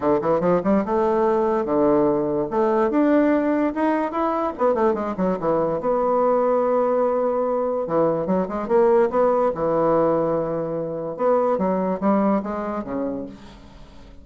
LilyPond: \new Staff \with { instrumentName = "bassoon" } { \time 4/4 \tempo 4 = 145 d8 e8 f8 g8 a2 | d2 a4 d'4~ | d'4 dis'4 e'4 b8 a8 | gis8 fis8 e4 b2~ |
b2. e4 | fis8 gis8 ais4 b4 e4~ | e2. b4 | fis4 g4 gis4 cis4 | }